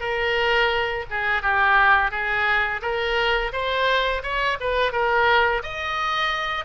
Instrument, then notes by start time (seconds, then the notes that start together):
oboe
0.00 A#4
1.10 G#4
1.42 G4
2.11 G#4
2.82 A#4
3.53 C5
4.23 C#5
4.60 B4
4.92 A#4
5.63 D#5